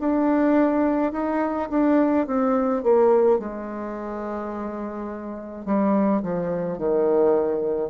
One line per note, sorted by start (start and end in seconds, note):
0.00 1.13 D4
1.13 1.69 D#4
1.70 2.27 D4
2.27 2.84 C4
2.84 3.39 A#3
3.39 5.66 G#3
5.66 6.22 G3
6.23 6.78 F3
6.78 7.90 D#3